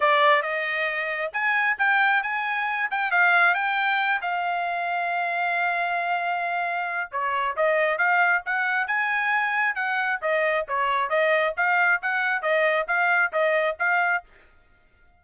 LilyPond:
\new Staff \with { instrumentName = "trumpet" } { \time 4/4 \tempo 4 = 135 d''4 dis''2 gis''4 | g''4 gis''4. g''8 f''4 | g''4. f''2~ f''8~ | f''1 |
cis''4 dis''4 f''4 fis''4 | gis''2 fis''4 dis''4 | cis''4 dis''4 f''4 fis''4 | dis''4 f''4 dis''4 f''4 | }